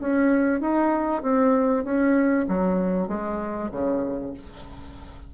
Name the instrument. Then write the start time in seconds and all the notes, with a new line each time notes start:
bassoon
0.00 C#4
0.61 D#4
1.23 C4
1.84 C#4
2.49 F#3
3.08 G#3
3.72 C#3